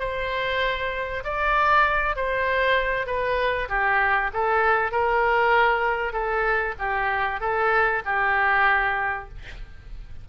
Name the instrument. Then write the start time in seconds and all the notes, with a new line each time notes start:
oboe
0.00 C5
1.24 D5
2.16 C5
3.07 B4
3.69 G4
4.34 A4
4.92 A#4
6.13 A4
6.79 G4
7.41 A4
8.06 G4